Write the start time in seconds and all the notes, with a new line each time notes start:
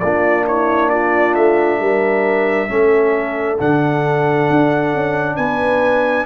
0.00 A#3 D4 F4 D5
0.47 E4 C#5
0.89 F4 D5
1.35 A3 E5
1.79 G3 A#4
2.68 A3 C#4 A4
3.59 D3 D4 F#5
4.50 D4
4.94 C#4
5.36 B3 B4 G#5